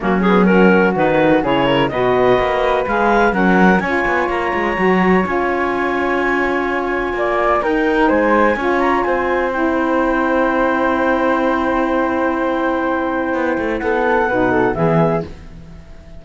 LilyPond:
<<
  \new Staff \with { instrumentName = "clarinet" } { \time 4/4 \tempo 4 = 126 fis'8 gis'8 ais'4 b'4 cis''4 | dis''2 f''4 fis''4 | gis''4 ais''2 gis''4~ | gis''1 |
g''4 gis''4. ais''8 gis''4 | g''1~ | g''1~ | g''4 fis''2 e''4 | }
  \new Staff \with { instrumentName = "flute" } { \time 4/4 cis'4 fis'2 gis'8 ais'8 | b'2. ais'4 | cis''1~ | cis''2. d''4 |
ais'4 c''4 cis''4 c''4~ | c''1~ | c''1~ | c''4 a'4 b'8 a'8 gis'4 | }
  \new Staff \with { instrumentName = "saxophone" } { \time 4/4 ais8 b8 cis'4 dis'4 e'4 | fis'2 gis'4 cis'4 | f'2 fis'4 f'4~ | f'1 |
dis'2 f'2 | e'1~ | e'1~ | e'2 dis'4 b4 | }
  \new Staff \with { instrumentName = "cello" } { \time 4/4 fis2 dis4 cis4 | b,4 ais4 gis4 fis4 | cis'8 b8 ais8 gis8 fis4 cis'4~ | cis'2. ais4 |
dis'4 gis4 cis'4 c'4~ | c'1~ | c'1 | b8 a8 b4 b,4 e4 | }
>>